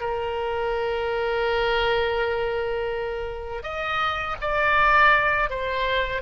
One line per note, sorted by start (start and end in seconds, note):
0.00 3.63 A#4
3.63 4.36 D#5
4.41 5.49 D5
5.49 6.22 C5